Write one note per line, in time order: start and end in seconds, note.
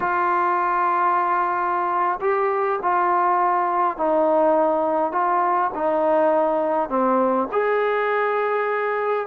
0.00 2.19 F4
2.21 2.79 G4
2.82 3.97 F4
3.97 5.12 D#4
5.12 5.71 F4
5.74 6.89 D#4
6.89 7.47 C4
7.51 9.27 G#4